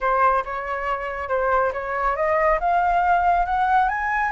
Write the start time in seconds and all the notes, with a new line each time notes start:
0.00 C5
0.45 C#5
1.28 C5
1.72 C#5
2.15 D#5
2.60 F5
3.45 F#5
3.88 G#5